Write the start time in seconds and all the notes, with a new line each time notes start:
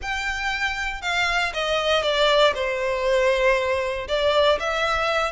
0.01 G5
1.01 F5
1.53 D#5
2.02 D5
2.54 C5
4.07 D5
4.59 E5